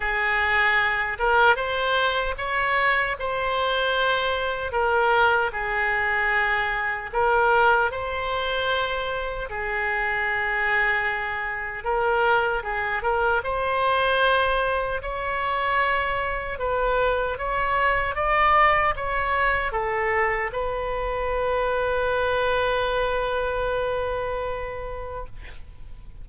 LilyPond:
\new Staff \with { instrumentName = "oboe" } { \time 4/4 \tempo 4 = 76 gis'4. ais'8 c''4 cis''4 | c''2 ais'4 gis'4~ | gis'4 ais'4 c''2 | gis'2. ais'4 |
gis'8 ais'8 c''2 cis''4~ | cis''4 b'4 cis''4 d''4 | cis''4 a'4 b'2~ | b'1 | }